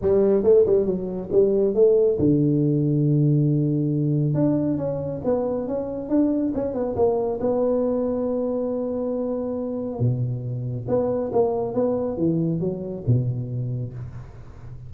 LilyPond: \new Staff \with { instrumentName = "tuba" } { \time 4/4 \tempo 4 = 138 g4 a8 g8 fis4 g4 | a4 d2.~ | d2 d'4 cis'4 | b4 cis'4 d'4 cis'8 b8 |
ais4 b2.~ | b2. b,4~ | b,4 b4 ais4 b4 | e4 fis4 b,2 | }